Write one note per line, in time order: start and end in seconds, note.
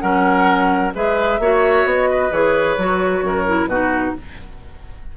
0.00 0.94 F#3
0.00 0.92 C#4
0.00 0.93 A#4
0.00 0.92 F#5
0.94 1.39 G#3
0.94 1.40 G#4
0.94 1.40 B4
0.94 1.88 E5
1.39 1.84 A#3
1.39 2.31 F#4
1.39 2.10 C#5
1.84 2.30 B3
1.84 2.32 D#5
2.10 3.24 B4
2.31 2.77 E3
2.31 2.77 G#4
2.31 3.67 C#5
2.77 3.22 F#3
2.77 3.46 F#4
3.22 3.66 F#2
3.22 3.69 A#4
3.46 3.69 E4
3.66 4.12 B2
3.66 4.16 D#4
3.66 4.15 F#4
3.66 4.13 B4